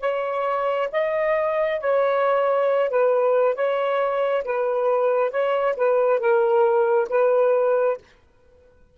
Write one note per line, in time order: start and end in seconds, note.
0.00 0.88 C#5
0.91 1.80 D#5
1.80 2.89 C#5
2.89 3.55 B4
3.55 4.43 C#5
4.44 5.30 B4
5.30 5.74 C#5
5.76 6.19 B4
6.19 7.07 A#4
7.09 7.97 B4